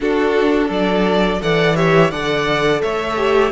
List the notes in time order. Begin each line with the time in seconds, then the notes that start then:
0.00 D4 F#4 A4
0.68 F#3 A4 D5
1.40 E3 A4 D5 F#5
1.75 G4 C#5 E5
2.10 D3 A4 D5 F#5
2.81 A3 C#5 E5
3.16 G4